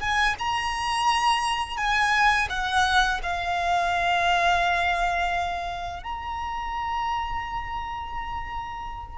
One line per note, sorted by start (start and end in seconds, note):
0.00 0.35 G#5
0.39 1.77 A#5
1.77 2.48 G#5
2.50 3.20 F#5
3.23 6.03 F5
6.03 9.18 A#5